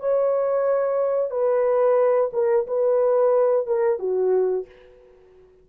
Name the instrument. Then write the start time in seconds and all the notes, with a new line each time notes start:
horn
0.00 C#5
1.31 B4
2.33 A#4
2.67 B4
3.67 A#4
3.99 F#4